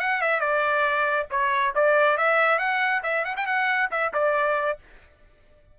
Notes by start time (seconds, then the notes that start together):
0.00 F#5
0.22 E5
0.40 D5
1.31 C#5
1.75 D5
2.18 E5
2.59 F#5
3.03 E5
3.25 F#5
3.37 G5
3.47 F#5
3.91 E5
4.14 D5